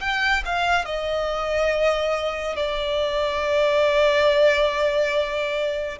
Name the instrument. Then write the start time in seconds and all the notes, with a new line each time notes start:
violin
0.00 G5
0.45 F5
0.85 D#5
2.56 D5